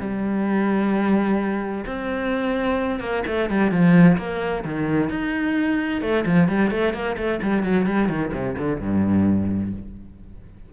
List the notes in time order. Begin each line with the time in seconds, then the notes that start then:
0.00 G3
1.86 C4
3.00 A#3
3.26 A3
3.49 G3
3.71 F3
4.17 A#3
4.64 D#3
5.10 D#4
6.01 A3
6.25 F3
6.48 G3
6.70 A3
6.93 A#3
7.17 A3
7.42 G3
7.63 F#3
7.86 G3
8.08 D#3
8.33 C3
8.58 D3
8.80 G2